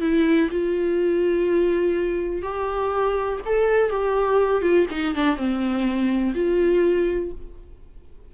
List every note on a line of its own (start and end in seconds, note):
0.00 0.49 E4
0.50 2.42 F4
2.42 3.39 G4
3.45 3.90 A4
3.90 4.61 G4
4.61 4.86 F4
4.90 5.15 D#4
5.15 5.36 D4
5.36 6.33 C4
6.34 7.31 F4